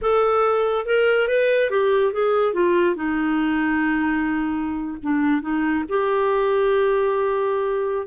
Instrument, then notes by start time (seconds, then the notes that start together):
clarinet
0.01 A4
0.85 A#4
1.28 B4
1.70 G4
2.12 G#4
2.53 F4
2.95 D#4
5.03 D4
5.41 D#4
5.88 G4